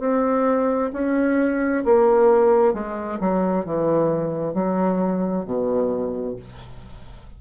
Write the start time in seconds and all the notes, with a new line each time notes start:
0.00 C4
0.93 C#4
1.85 A#3
2.74 G#3
3.20 F#3
3.65 E3
4.54 F#3
5.45 B2